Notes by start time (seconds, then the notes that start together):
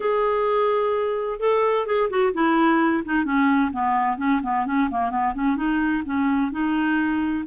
0.00 G#4
1.39 A4
1.86 G#4
2.10 F#4
2.33 E4
3.05 D#4
3.24 C#4
3.72 B3
4.17 C#4
4.42 B3
4.66 C#4
4.90 A#3
5.10 B3
5.34 C#4
5.56 D#4
6.05 C#4
6.51 D#4